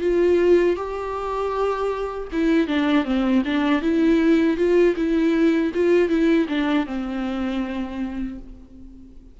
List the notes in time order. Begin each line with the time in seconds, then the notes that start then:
0.00 F4
0.76 G4
2.32 E4
2.67 D4
3.04 C4
3.45 D4
3.81 E4
4.57 F4
4.96 E4
5.74 F4
6.09 E4
6.48 D4
6.86 C4